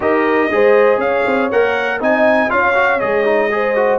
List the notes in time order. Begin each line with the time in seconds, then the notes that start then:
0.00 D#4 G4 A#4 D#5
0.51 G#3 G#4 C5
0.97 C#4 C#5 F5
1.26 C4
1.51 A#3 A#4 F#5
2.00 C4 D#4 D#5 G#5
2.48 C#4 F4 C#5 F5
2.74 F#4
2.99 G#3 G#4 D#5
3.24 D#4
3.51 G#4 C5
3.75 F#4